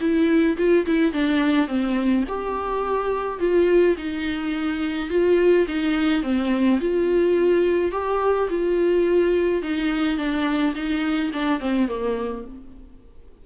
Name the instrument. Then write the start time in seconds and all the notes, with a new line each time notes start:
viola
0.00 E4
0.57 F4
0.86 E4
1.13 D4
1.67 C4
2.28 G4
3.39 F4
3.98 D#4
5.09 F4
5.68 D#4
6.23 C4
6.80 F4
7.91 G4
8.49 F4
9.62 D#4
10.17 D4
10.74 D#4
11.33 D4
11.60 C4
11.88 A#3